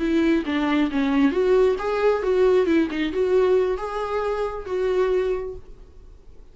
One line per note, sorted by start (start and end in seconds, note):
0.00 0.44 E4
0.46 0.91 D4
0.92 1.32 C#4
1.32 1.76 F#4
1.79 2.23 G#4
2.23 2.67 F#4
2.67 2.89 E4
2.91 3.13 D#4
3.13 3.78 F#4
3.78 4.66 G#4
4.66 5.55 F#4